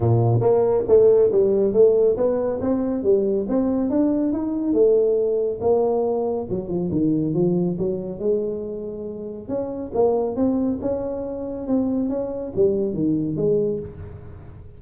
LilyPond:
\new Staff \with { instrumentName = "tuba" } { \time 4/4 \tempo 4 = 139 ais,4 ais4 a4 g4 | a4 b4 c'4 g4 | c'4 d'4 dis'4 a4~ | a4 ais2 fis8 f8 |
dis4 f4 fis4 gis4~ | gis2 cis'4 ais4 | c'4 cis'2 c'4 | cis'4 g4 dis4 gis4 | }